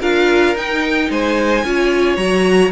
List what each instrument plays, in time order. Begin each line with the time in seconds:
0.00 cello D4, viola F4, violin A#4 F5
0.55 cello D#4, viola D#4, violin G5
1.10 cello G#3, violin C5 G#5
1.64 cello C#4, viola F4, violin C#5
2.16 cello F#3, viola F#4, violin A#5